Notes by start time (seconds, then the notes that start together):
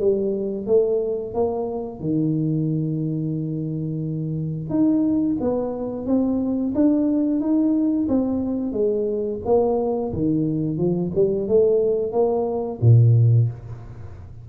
0.00 G3
0.66 A3
1.34 A#3
2.00 D#3
4.69 D#4
5.41 B3
6.06 C4
6.75 D4
7.40 D#4
8.08 C4
8.72 G#3
9.45 A#3
10.13 D#3
10.78 F3
11.15 G3
11.48 A3
12.12 A#3
12.81 A#2